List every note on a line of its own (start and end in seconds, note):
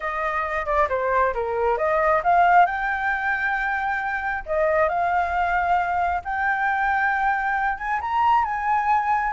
0.00 0.65 D#5
0.65 0.88 D5
0.89 1.33 C5
1.34 1.77 A#4
1.77 2.22 D#5
2.23 2.66 F5
2.66 4.43 G5
4.46 4.88 D#5
4.88 6.22 F5
6.24 7.77 G5
7.77 8.00 G#5
8.00 8.44 A#5
8.44 9.32 G#5